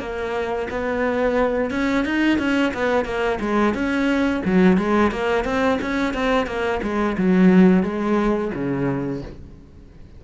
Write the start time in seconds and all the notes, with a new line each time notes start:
0.00 A#3
0.70 B3
1.71 C#4
2.05 D#4
2.39 C#4
2.74 B3
3.05 A#3
3.41 G#3
3.74 C#4
4.45 F#3
4.78 G#3
5.12 A#3
5.45 C4
5.81 C#4
6.14 C4
6.47 A#3
6.83 G#3
7.18 F#3
7.83 G#3
8.54 C#3